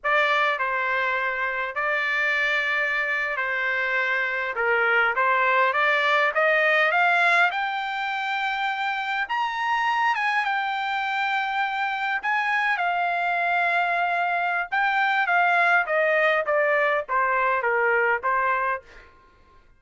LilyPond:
\new Staff \with { instrumentName = "trumpet" } { \time 4/4 \tempo 4 = 102 d''4 c''2 d''4~ | d''4.~ d''16 c''2 ais'16~ | ais'8. c''4 d''4 dis''4 f''16~ | f''8. g''2. ais''16~ |
ais''4~ ais''16 gis''8 g''2~ g''16~ | g''8. gis''4 f''2~ f''16~ | f''4 g''4 f''4 dis''4 | d''4 c''4 ais'4 c''4 | }